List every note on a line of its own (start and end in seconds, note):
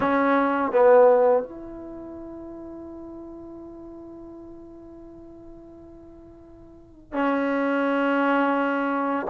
0.00 0.71 C#4
0.71 1.43 B3
1.43 7.12 E4
7.12 9.27 C#4